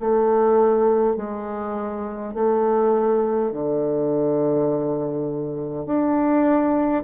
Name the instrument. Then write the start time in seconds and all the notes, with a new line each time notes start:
bassoon
0.00 A3
1.17 G#3
2.35 A3
3.52 D3
5.87 D4